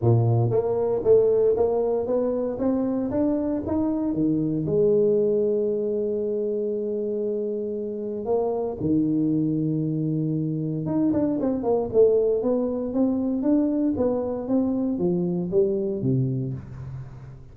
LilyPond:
\new Staff \with { instrumentName = "tuba" } { \time 4/4 \tempo 4 = 116 ais,4 ais4 a4 ais4 | b4 c'4 d'4 dis'4 | dis4 gis2.~ | gis1 |
ais4 dis2.~ | dis4 dis'8 d'8 c'8 ais8 a4 | b4 c'4 d'4 b4 | c'4 f4 g4 c4 | }